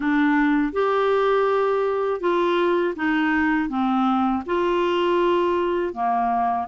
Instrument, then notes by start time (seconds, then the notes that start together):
clarinet
0.00 D4
0.72 G4
2.20 F4
2.96 D#4
3.69 C4
4.46 F4
5.93 A#3